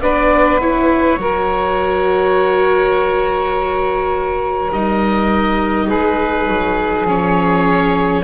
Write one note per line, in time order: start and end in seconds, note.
0.00 1.17 B3
0.00 0.61 D4
0.00 1.20 B4
0.00 0.61 D5
0.61 1.20 E4
0.61 4.72 C#5
1.17 4.70 F#3
1.17 4.73 F#4
1.17 5.87 A#4
4.72 5.89 G3
4.72 7.08 D#4
4.72 5.89 D#5
5.87 6.48 G#3
5.87 8.22 G#4
5.87 7.07 B4
6.48 7.04 F#3
7.04 8.22 F3
7.04 8.24 C#4
7.04 8.24 C#5